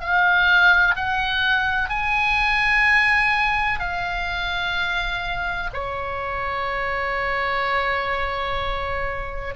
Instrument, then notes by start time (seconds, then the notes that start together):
oboe
0.00 F5
0.96 F#5
1.89 G#5
3.79 F5
5.74 C#5